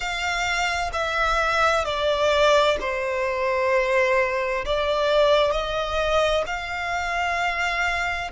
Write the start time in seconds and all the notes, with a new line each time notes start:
0.00 F5
0.92 E5
1.85 D5
2.80 C5
4.65 D5
5.51 D#5
6.46 F5